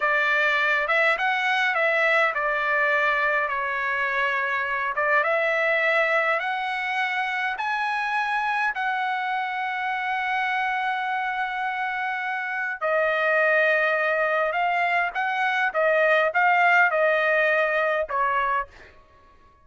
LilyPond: \new Staff \with { instrumentName = "trumpet" } { \time 4/4 \tempo 4 = 103 d''4. e''8 fis''4 e''4 | d''2 cis''2~ | cis''8 d''8 e''2 fis''4~ | fis''4 gis''2 fis''4~ |
fis''1~ | fis''2 dis''2~ | dis''4 f''4 fis''4 dis''4 | f''4 dis''2 cis''4 | }